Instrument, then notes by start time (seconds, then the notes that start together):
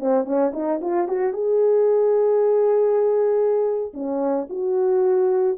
horn
0.00 C4
0.25 C#4
0.54 D#4
0.81 F4
1.08 F#4
1.34 G#4
3.94 C#4
4.50 F#4